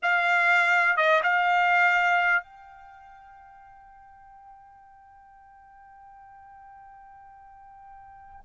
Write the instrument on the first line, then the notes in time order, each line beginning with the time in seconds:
trumpet
0.02 F5
0.96 D#5
1.23 F5
2.42 G5